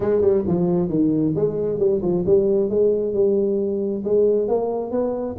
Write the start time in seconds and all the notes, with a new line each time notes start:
0.00 G#3
0.21 G3
0.47 F3
0.89 D#3
1.35 G#3
1.78 G3
2.02 F3
2.26 G3
2.69 G#3
3.13 G3
4.04 G#3
4.48 A#3
4.91 B3